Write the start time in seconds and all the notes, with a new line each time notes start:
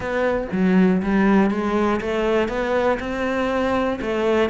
0.00 B3
0.52 F#3
1.02 G3
1.50 G#3
2.00 A3
2.48 B3
2.99 C4
4.01 A3